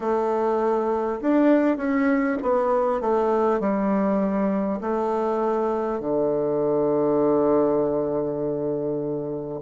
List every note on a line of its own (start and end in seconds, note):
0.00 1.20 A3
1.21 1.77 D4
1.77 2.37 C#4
2.42 3.01 B3
3.01 3.60 A3
3.60 4.80 G3
4.81 5.99 A3
5.99 9.59 D3